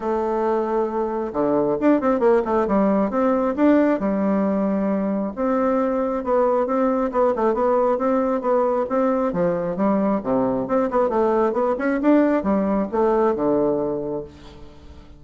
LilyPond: \new Staff \with { instrumentName = "bassoon" } { \time 4/4 \tempo 4 = 135 a2. d4 | d'8 c'8 ais8 a8 g4 c'4 | d'4 g2. | c'2 b4 c'4 |
b8 a8 b4 c'4 b4 | c'4 f4 g4 c4 | c'8 b8 a4 b8 cis'8 d'4 | g4 a4 d2 | }